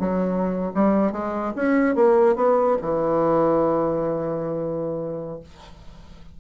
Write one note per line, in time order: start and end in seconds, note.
0.00 0.72 F#3
0.74 1.12 G3
1.12 1.54 G#3
1.56 1.96 C#4
1.96 2.36 A#3
2.36 2.77 B3
2.82 5.40 E3